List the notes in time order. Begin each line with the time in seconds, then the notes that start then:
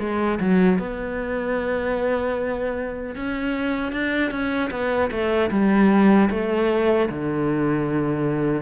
0.00 G#3
0.40 F#3
0.79 B3
3.16 C#4
3.93 D4
4.31 C#4
4.71 B3
5.11 A3
5.51 G3
6.31 A3
7.10 D3